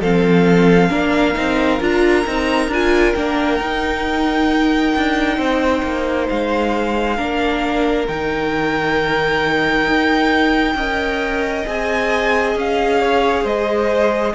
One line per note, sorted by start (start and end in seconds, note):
0.00 0.90 F3
0.00 0.89 C4
0.00 0.89 A4
0.00 1.81 F5
0.89 1.35 A#3
0.89 1.34 D4
0.89 5.37 A#4
1.34 1.80 C4
1.34 1.79 D#4
1.80 2.25 D4
1.80 2.25 F4
1.80 2.73 A#5
2.25 2.67 C4
2.25 2.70 D#4
2.67 3.12 D4
2.67 3.16 F4
2.67 3.13 G#5
3.13 3.60 A#3
3.13 3.60 D4
3.13 6.27 G5
3.60 4.94 D#4
3.60 7.17 D#4
4.96 5.37 D4
5.37 5.82 C4
5.37 7.16 C5
5.82 6.27 A#3
6.29 7.18 G#3
6.29 8.07 F5
7.16 8.07 A#3
7.16 8.06 D4
7.16 10.74 A#4
8.07 9.87 D#3
8.07 10.76 D#4
8.07 11.65 G5
9.87 10.74 D#4
10.74 11.64 C#4
10.74 11.65 A#4
10.74 13.00 D#5
11.65 12.55 C4
11.65 14.34 G#4
11.65 12.57 G#5
12.55 13.44 C#4
12.55 13.46 F5
13.01 13.43 C#5
13.43 14.34 G#3
13.43 14.32 C5
13.43 14.34 D#5